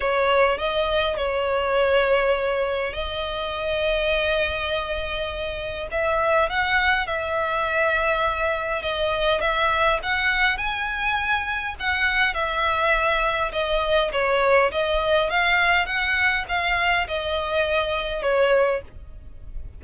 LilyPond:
\new Staff \with { instrumentName = "violin" } { \time 4/4 \tempo 4 = 102 cis''4 dis''4 cis''2~ | cis''4 dis''2.~ | dis''2 e''4 fis''4 | e''2. dis''4 |
e''4 fis''4 gis''2 | fis''4 e''2 dis''4 | cis''4 dis''4 f''4 fis''4 | f''4 dis''2 cis''4 | }